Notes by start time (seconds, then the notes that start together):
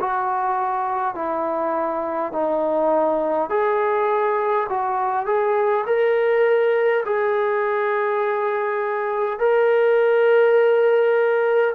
0.00 F#4
1.15 E4
2.33 D#4
3.50 G#4
4.69 F#4
5.26 G#4
5.87 A#4
7.05 G#4
9.40 A#4